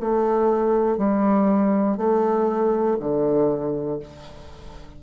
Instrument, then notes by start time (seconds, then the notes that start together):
bassoon
0.00 A3
0.98 G3
1.97 A3
3.00 D3